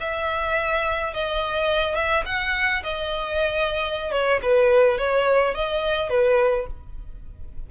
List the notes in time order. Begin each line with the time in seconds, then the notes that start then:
0.00 E5
1.14 D#5
1.95 E5
2.26 F#5
2.83 D#5
4.12 C#5
4.43 B4
4.98 C#5
5.55 D#5
6.10 B4